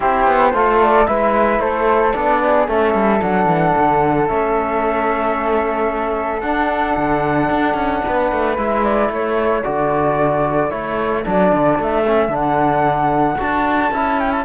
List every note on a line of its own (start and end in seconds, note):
0.00 0.26 C4
0.00 0.51 E4
0.00 0.53 G4
0.00 0.81 C5
0.26 0.53 B3
0.53 1.07 A3
0.53 1.06 F4
0.53 1.08 A4
0.82 1.06 D5
1.06 1.59 G#3
1.06 2.13 E4
1.06 1.61 B4
1.06 1.60 E5
1.59 2.12 A3
1.59 2.42 A4
1.59 2.13 C5
2.13 2.67 B3
2.13 2.68 D4
2.13 2.66 D5
2.43 2.69 G#4
2.67 2.93 A3
2.67 3.20 C#4
2.67 8.05 A4
2.67 3.21 E5
2.93 3.20 G3
3.20 3.46 F#3
3.20 4.27 D4
3.20 4.27 F#5
3.46 3.72 E3
3.77 4.29 D3
4.27 6.42 A3
4.27 6.42 C#4
4.27 6.40 E5
6.40 6.95 D4
6.40 8.56 D4
6.40 8.55 F#5
6.96 7.49 D3
7.49 7.74 D4
7.74 8.01 C#4
8.05 8.31 B3
8.05 9.08 B4
8.31 8.57 A3
8.57 9.09 G#3
8.57 9.63 E4
8.57 8.84 E5
8.84 9.10 D5
9.08 9.62 A3
9.08 14.44 A4
9.08 9.63 C#5
9.63 10.71 D3
9.63 10.69 F#4
9.63 10.70 D5
10.69 11.24 A3
10.69 11.23 E4
10.69 11.23 C#5
11.24 11.52 F#3
11.24 12.04 D4
11.24 11.81 D5
11.52 11.78 D3
11.79 12.28 A3
11.79 12.35 E5
12.06 12.29 C#4
12.28 13.35 D3
12.28 13.37 D4
12.35 13.40 F#5
13.38 13.91 D4
13.38 13.91 F#4
13.38 14.19 A5
13.91 14.45 C#4
13.91 14.45 E4
14.19 14.31 G5
14.31 14.44 A5